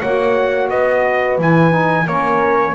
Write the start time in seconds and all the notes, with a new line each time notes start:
0.00 A#3 F#4 C#5 F#5
0.69 B3 B4 D#5
1.38 E3 E4 G#5
1.70 D#4
2.06 A#3 C#4 A#4 C#5